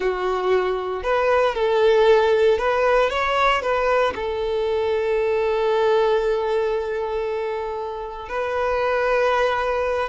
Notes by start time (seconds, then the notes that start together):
0.00 F#4
1.03 B4
1.54 A4
2.58 B4
3.10 C#5
3.61 B4
4.15 A4
8.29 B4